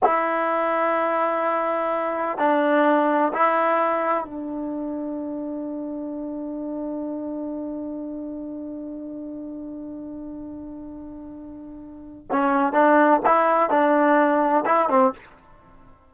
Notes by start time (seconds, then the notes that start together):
0.03 E4
2.38 D4
3.33 E4
4.24 D4
12.31 C#4
12.72 D4
13.25 E4
13.69 D4
14.65 E4
14.89 C4